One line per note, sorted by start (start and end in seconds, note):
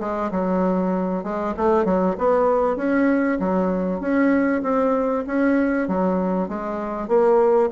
0.00 0.31 G#3
0.31 1.23 F#3
1.23 1.54 G#3
1.56 1.84 A3
1.84 2.15 F#3
2.18 2.76 B3
2.76 3.38 C#4
3.39 4.00 F#3
4.00 4.62 C#4
4.62 5.24 C4
5.27 5.88 C#4
5.88 6.48 F#3
6.48 7.08 G#3
7.08 7.70 A#3